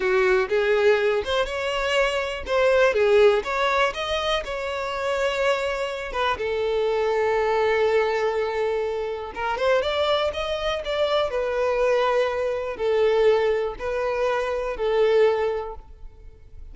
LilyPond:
\new Staff \with { instrumentName = "violin" } { \time 4/4 \tempo 4 = 122 fis'4 gis'4. c''8 cis''4~ | cis''4 c''4 gis'4 cis''4 | dis''4 cis''2.~ | cis''8 b'8 a'2.~ |
a'2. ais'8 c''8 | d''4 dis''4 d''4 b'4~ | b'2 a'2 | b'2 a'2 | }